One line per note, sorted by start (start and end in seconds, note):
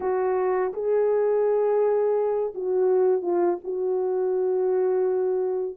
0.00 0.72 F#4
0.73 2.53 G#4
2.54 3.22 F#4
3.22 3.58 F4
3.63 5.76 F#4